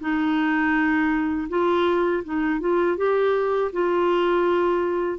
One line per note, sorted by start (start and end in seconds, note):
0.00 1.48 D#4
1.49 2.23 F4
2.24 2.60 D#4
2.60 2.97 F4
2.97 3.71 G4
3.72 5.19 F4